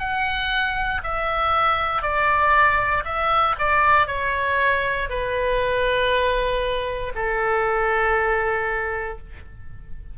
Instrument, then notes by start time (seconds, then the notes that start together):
oboe
0.00 F#5
1.04 E5
2.02 D5
3.05 E5
3.59 D5
4.08 C#5
5.10 B4
7.16 A4